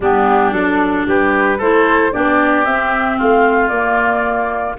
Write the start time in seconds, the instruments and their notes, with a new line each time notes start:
0.00 tuba G3, clarinet B3, oboe D4, flute G4
0.51 tuba F#3, clarinet D4, flute A4
1.07 tuba G3, oboe G4, flute B4
1.58 tuba A3, clarinet E4, oboe A4, flute C5
2.12 tuba B3, clarinet D4, oboe G4, flute D5
2.65 tuba C4, clarinet C4, flute E5
3.17 tuba A3, oboe F4, flute F5
3.68 tuba A#3, clarinet A#3, flute D5